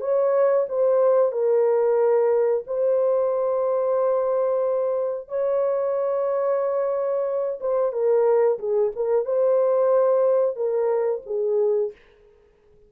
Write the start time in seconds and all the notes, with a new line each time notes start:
0.00 C#5
0.69 C5
1.32 A#4
2.67 C5
5.28 C#5
7.60 C5
7.92 A#4
8.59 G#4
8.95 A#4
9.25 C5
10.56 A#4
11.26 G#4